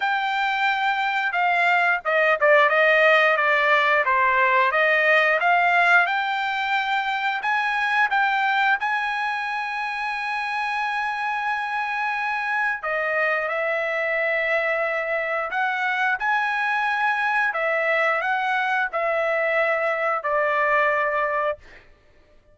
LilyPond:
\new Staff \with { instrumentName = "trumpet" } { \time 4/4 \tempo 4 = 89 g''2 f''4 dis''8 d''8 | dis''4 d''4 c''4 dis''4 | f''4 g''2 gis''4 | g''4 gis''2.~ |
gis''2. dis''4 | e''2. fis''4 | gis''2 e''4 fis''4 | e''2 d''2 | }